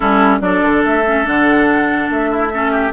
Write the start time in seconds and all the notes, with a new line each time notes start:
0.00 G3 C#4 E4 A4
0.40 F#3 D4 A4 D5
0.62 D3
0.84 A3 E5
1.06 C#4
1.24 D3 D4 F#5
2.09 A3 E5
2.30 E4
2.53 C#4 A4
2.71 G4